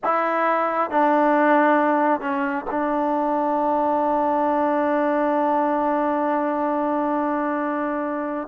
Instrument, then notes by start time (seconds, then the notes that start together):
trombone
0.04 E4
0.90 D4
2.20 C#4
2.70 D4